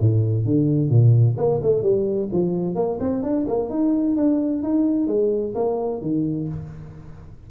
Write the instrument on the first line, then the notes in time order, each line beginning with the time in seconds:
tuba
0.00 A2
0.45 D3
0.89 A#2
1.37 A#3
1.63 A3
1.83 G3
2.32 F3
2.75 A#3
3.00 C4
3.23 D4
3.48 A#3
3.70 D#4
4.17 D4
4.63 D#4
5.07 G#3
5.55 A#3
6.01 D#3